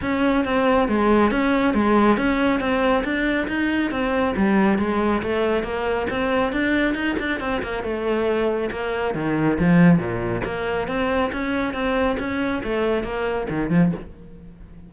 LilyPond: \new Staff \with { instrumentName = "cello" } { \time 4/4 \tempo 4 = 138 cis'4 c'4 gis4 cis'4 | gis4 cis'4 c'4 d'4 | dis'4 c'4 g4 gis4 | a4 ais4 c'4 d'4 |
dis'8 d'8 c'8 ais8 a2 | ais4 dis4 f4 ais,4 | ais4 c'4 cis'4 c'4 | cis'4 a4 ais4 dis8 f8 | }